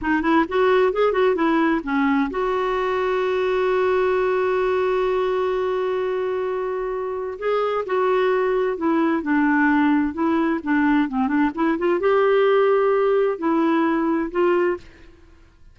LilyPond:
\new Staff \with { instrumentName = "clarinet" } { \time 4/4 \tempo 4 = 130 dis'8 e'8 fis'4 gis'8 fis'8 e'4 | cis'4 fis'2.~ | fis'1~ | fis'1 |
gis'4 fis'2 e'4 | d'2 e'4 d'4 | c'8 d'8 e'8 f'8 g'2~ | g'4 e'2 f'4 | }